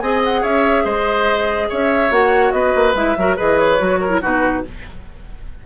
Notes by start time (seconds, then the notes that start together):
0.00 C4 G#4 D#5 G#5
0.25 F#5
0.42 C#4 C#5 E5
0.84 G#3 C5 D#5
1.70 C#4 C#5 E5
2.11 A#3 F#4 F#5
2.52 B3 B4 D#5
2.76 A#3
2.95 G#3 E4 E5
3.17 F#3 F#4 A#4
3.36 E3 G#4 B4 D#5
3.59 C#5
3.79 F#3 F#4
4.01 A#4
4.10 E4
4.21 B2 D#4 F#4 B4